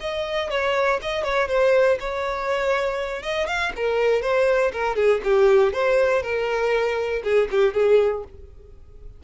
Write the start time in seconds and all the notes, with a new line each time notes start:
0.00 D#5
0.50 C#5
1.02 D#5
1.24 C#5
1.48 C5
2.00 C#5
3.22 D#5
3.47 F5
3.76 A#4
4.22 C5
4.72 A#4
4.96 G#4
5.23 G4
5.73 C5
6.22 A#4
7.23 G#4
7.51 G4
7.74 G#4